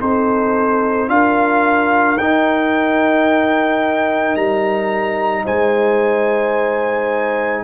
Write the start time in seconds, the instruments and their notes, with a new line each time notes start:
0.00 tuba C4, trombone D#4, horn A4, trumpet C5
1.08 tuba D4, trombone F4, horn A#4, trumpet F5
2.17 tuba D#4, trombone D#4, trumpet G5
4.35 tuba G3, trumpet A#5
5.44 tuba G#3, horn C5, trumpet G#5